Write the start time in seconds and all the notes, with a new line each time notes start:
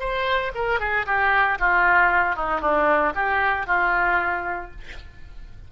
0.00 C5
0.55 A#4
0.80 G#4
1.06 G4
1.60 F4
2.36 D#4
2.61 D4
3.15 G4
3.67 F4